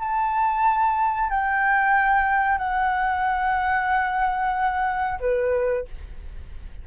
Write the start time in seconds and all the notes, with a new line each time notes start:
0.00 A5
1.31 G5
2.58 F#5
5.21 B4